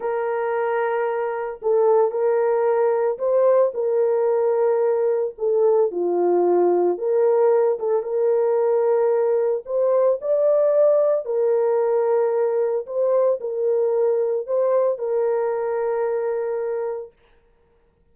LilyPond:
\new Staff \with { instrumentName = "horn" } { \time 4/4 \tempo 4 = 112 ais'2. a'4 | ais'2 c''4 ais'4~ | ais'2 a'4 f'4~ | f'4 ais'4. a'8 ais'4~ |
ais'2 c''4 d''4~ | d''4 ais'2. | c''4 ais'2 c''4 | ais'1 | }